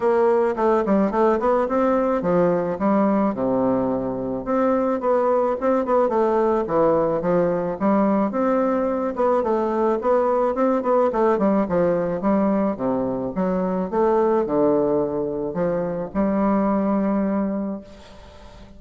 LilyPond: \new Staff \with { instrumentName = "bassoon" } { \time 4/4 \tempo 4 = 108 ais4 a8 g8 a8 b8 c'4 | f4 g4 c2 | c'4 b4 c'8 b8 a4 | e4 f4 g4 c'4~ |
c'8 b8 a4 b4 c'8 b8 | a8 g8 f4 g4 c4 | fis4 a4 d2 | f4 g2. | }